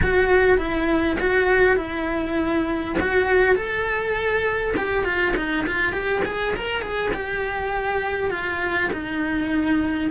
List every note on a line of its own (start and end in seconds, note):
0.02 0.57 F#4
0.57 1.17 E4
1.19 1.76 F#4
1.76 2.95 E4
2.99 3.55 F#4
3.55 4.74 A4
4.76 5.04 G4
5.04 5.34 F4
5.36 5.66 D#4
5.66 5.92 F4
5.92 6.22 G4
6.25 6.54 G#4
6.55 6.81 A#4
6.81 7.11 G#4
7.13 8.30 G4
8.30 8.89 F4
8.92 10.10 D#4